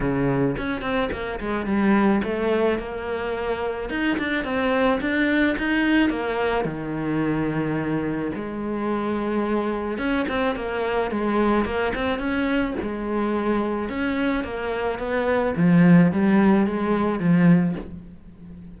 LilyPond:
\new Staff \with { instrumentName = "cello" } { \time 4/4 \tempo 4 = 108 cis4 cis'8 c'8 ais8 gis8 g4 | a4 ais2 dis'8 d'8 | c'4 d'4 dis'4 ais4 | dis2. gis4~ |
gis2 cis'8 c'8 ais4 | gis4 ais8 c'8 cis'4 gis4~ | gis4 cis'4 ais4 b4 | f4 g4 gis4 f4 | }